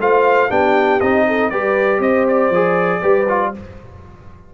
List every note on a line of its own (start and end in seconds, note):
0.00 0.50 A3
0.00 0.50 F4
0.00 0.50 C5
0.00 0.51 F5
0.50 1.01 B3
0.50 1.00 D4
0.50 1.25 G4
0.50 1.01 G5
1.01 1.52 C4
1.01 1.52 D#4
1.01 1.50 D#5
1.28 1.51 A4
1.50 2.00 G3
1.50 2.53 G4
1.50 2.01 B4
1.50 2.01 D5
2.00 2.50 C4
2.00 3.01 C5
2.00 2.27 D#5
2.29 3.55 D5
2.50 3.01 F3
2.50 3.02 G#4
3.01 3.54 G3
3.01 3.28 G4
3.01 3.51 B4
3.29 3.54 F4